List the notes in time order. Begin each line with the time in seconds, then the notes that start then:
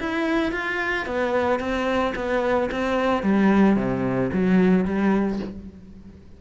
0.00 E4
0.52 F4
1.06 B3
1.60 C4
2.16 B3
2.72 C4
3.23 G3
3.77 C3
4.33 F#3
4.85 G3